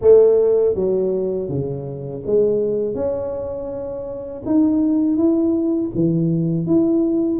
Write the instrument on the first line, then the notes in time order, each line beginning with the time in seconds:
tuba
0.01 A3
0.74 F#3
1.48 C#3
2.26 G#3
2.95 C#4
4.45 D#4
5.16 E4
5.95 E3
6.66 E4